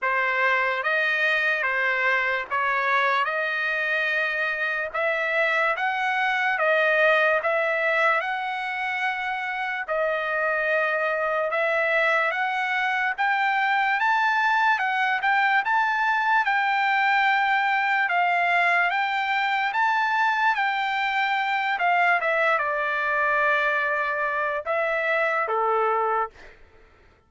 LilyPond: \new Staff \with { instrumentName = "trumpet" } { \time 4/4 \tempo 4 = 73 c''4 dis''4 c''4 cis''4 | dis''2 e''4 fis''4 | dis''4 e''4 fis''2 | dis''2 e''4 fis''4 |
g''4 a''4 fis''8 g''8 a''4 | g''2 f''4 g''4 | a''4 g''4. f''8 e''8 d''8~ | d''2 e''4 a'4 | }